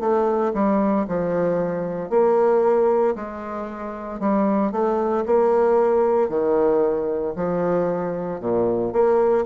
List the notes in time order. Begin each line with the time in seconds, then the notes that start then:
0.00 A3
0.54 G3
1.08 F3
2.10 A#3
3.15 G#3
4.20 G3
4.72 A3
5.26 A#3
6.29 D#3
7.36 F3
8.41 A#2
8.93 A#3